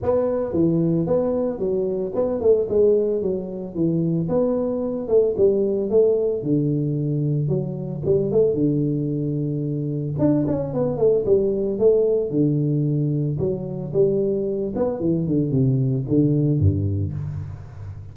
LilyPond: \new Staff \with { instrumentName = "tuba" } { \time 4/4 \tempo 4 = 112 b4 e4 b4 fis4 | b8 a8 gis4 fis4 e4 | b4. a8 g4 a4 | d2 fis4 g8 a8 |
d2. d'8 cis'8 | b8 a8 g4 a4 d4~ | d4 fis4 g4. b8 | e8 d8 c4 d4 g,4 | }